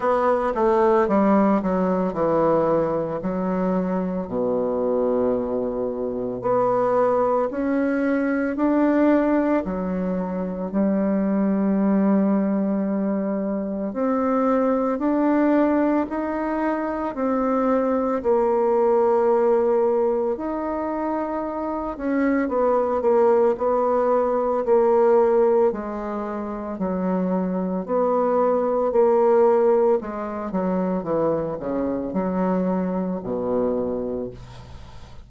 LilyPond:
\new Staff \with { instrumentName = "bassoon" } { \time 4/4 \tempo 4 = 56 b8 a8 g8 fis8 e4 fis4 | b,2 b4 cis'4 | d'4 fis4 g2~ | g4 c'4 d'4 dis'4 |
c'4 ais2 dis'4~ | dis'8 cis'8 b8 ais8 b4 ais4 | gis4 fis4 b4 ais4 | gis8 fis8 e8 cis8 fis4 b,4 | }